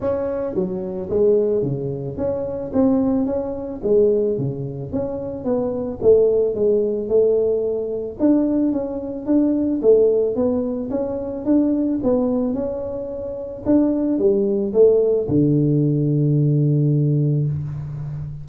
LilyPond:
\new Staff \with { instrumentName = "tuba" } { \time 4/4 \tempo 4 = 110 cis'4 fis4 gis4 cis4 | cis'4 c'4 cis'4 gis4 | cis4 cis'4 b4 a4 | gis4 a2 d'4 |
cis'4 d'4 a4 b4 | cis'4 d'4 b4 cis'4~ | cis'4 d'4 g4 a4 | d1 | }